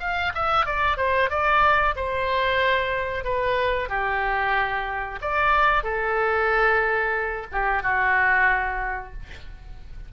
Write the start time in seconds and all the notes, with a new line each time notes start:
0.00 F5
0.35 E5
0.66 D5
0.97 C5
1.30 D5
1.96 C5
3.24 B4
3.89 G4
5.21 D5
5.84 A4
7.52 G4
7.83 F#4